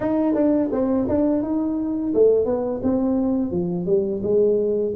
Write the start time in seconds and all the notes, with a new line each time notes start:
0.00 D#4
0.34 D4
0.72 C4
1.08 D4
1.42 D#4
2.14 A3
2.45 B3
2.82 C4
3.51 F3
3.86 G3
4.22 G#3